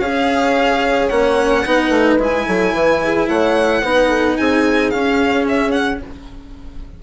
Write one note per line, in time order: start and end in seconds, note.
0.00 1.09 C#4
0.00 1.11 G#4
0.00 1.64 C#5
0.00 1.08 F5
1.08 1.65 A#3
1.08 1.65 C#4
1.08 2.17 F#5
1.65 1.89 B3
1.65 2.19 D#4
1.65 2.46 B4
1.89 2.16 A3
2.18 2.45 G#3
2.18 3.82 E4
2.18 3.28 G#5
2.46 2.73 F#3
2.46 2.74 A4
2.73 3.28 E3
2.73 3.01 B4
3.03 3.28 G#4
3.28 3.83 A3
3.28 3.82 C#5
3.28 4.37 F#5
3.83 4.38 B3
3.83 4.93 D#4
3.83 4.09 B4
4.09 4.36 A4
4.37 4.94 C4
4.37 6.02 G#4
4.37 4.90 G#5
4.90 6.02 C#4
4.90 6.03 C#4
4.90 5.45 F5
5.48 5.71 E5
5.71 5.99 F#5